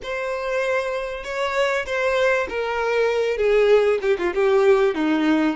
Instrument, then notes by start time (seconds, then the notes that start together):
violin
0.03 C5
1.23 C#5
1.86 C5
2.49 A#4
3.37 G#4
4.01 G4
4.18 F4
4.34 G4
4.95 D#4